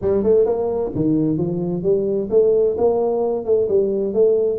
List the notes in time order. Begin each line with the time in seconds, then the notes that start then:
0.01 G3
0.23 A3
0.45 A#3
0.95 D#3
1.37 F3
1.82 G3
2.30 A3
2.77 A#3
3.45 A3
3.68 G3
4.13 A3